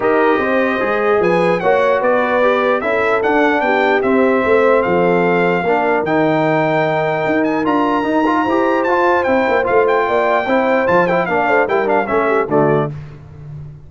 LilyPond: <<
  \new Staff \with { instrumentName = "trumpet" } { \time 4/4 \tempo 4 = 149 dis''2. gis''4 | fis''4 d''2 e''4 | fis''4 g''4 e''2 | f''2. g''4~ |
g''2~ g''8 gis''8 ais''4~ | ais''2 a''4 g''4 | f''8 g''2~ g''8 a''8 g''8 | f''4 g''8 f''8 e''4 d''4 | }
  \new Staff \with { instrumentName = "horn" } { \time 4/4 ais'4 c''2 b'4 | cis''4 b'2 a'4~ | a'4 g'2 c''4 | a'2 ais'2~ |
ais'1~ | ais'4 c''2.~ | c''4 d''4 c''2 | d''8 c''8 ais'4 a'8 g'8 fis'4 | }
  \new Staff \with { instrumentName = "trombone" } { \time 4/4 g'2 gis'2 | fis'2 g'4 e'4 | d'2 c'2~ | c'2 d'4 dis'4~ |
dis'2. f'4 | dis'8 f'8 g'4 f'4 e'4 | f'2 e'4 f'8 e'8 | d'4 e'8 d'8 cis'4 a4 | }
  \new Staff \with { instrumentName = "tuba" } { \time 4/4 dis'4 c'4 gis4 f4 | ais4 b2 cis'4 | d'4 b4 c'4 a4 | f2 ais4 dis4~ |
dis2 dis'4 d'4 | dis'4 e'4 f'4 c'8 ais8 | a4 ais4 c'4 f4 | ais8 a8 g4 a4 d4 | }
>>